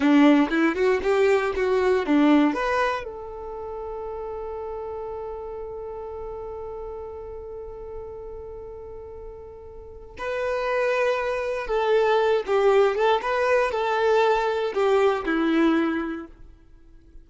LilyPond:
\new Staff \with { instrumentName = "violin" } { \time 4/4 \tempo 4 = 118 d'4 e'8 fis'8 g'4 fis'4 | d'4 b'4 a'2~ | a'1~ | a'1~ |
a'1 | b'2. a'4~ | a'8 g'4 a'8 b'4 a'4~ | a'4 g'4 e'2 | }